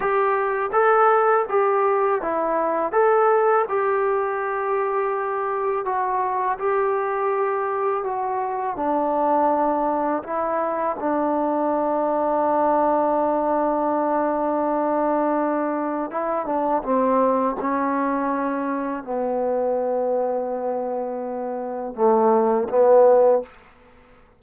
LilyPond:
\new Staff \with { instrumentName = "trombone" } { \time 4/4 \tempo 4 = 82 g'4 a'4 g'4 e'4 | a'4 g'2. | fis'4 g'2 fis'4 | d'2 e'4 d'4~ |
d'1~ | d'2 e'8 d'8 c'4 | cis'2 b2~ | b2 a4 b4 | }